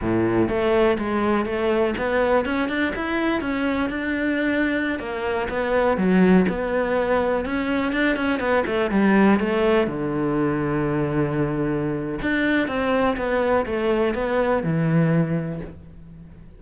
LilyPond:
\new Staff \with { instrumentName = "cello" } { \time 4/4 \tempo 4 = 123 a,4 a4 gis4 a4 | b4 cis'8 d'8 e'4 cis'4 | d'2~ d'16 ais4 b8.~ | b16 fis4 b2 cis'8.~ |
cis'16 d'8 cis'8 b8 a8 g4 a8.~ | a16 d2.~ d8.~ | d4 d'4 c'4 b4 | a4 b4 e2 | }